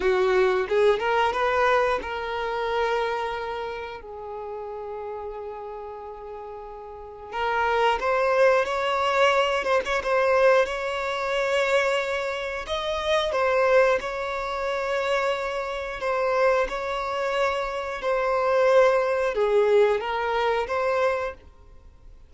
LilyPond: \new Staff \with { instrumentName = "violin" } { \time 4/4 \tempo 4 = 90 fis'4 gis'8 ais'8 b'4 ais'4~ | ais'2 gis'2~ | gis'2. ais'4 | c''4 cis''4. c''16 cis''16 c''4 |
cis''2. dis''4 | c''4 cis''2. | c''4 cis''2 c''4~ | c''4 gis'4 ais'4 c''4 | }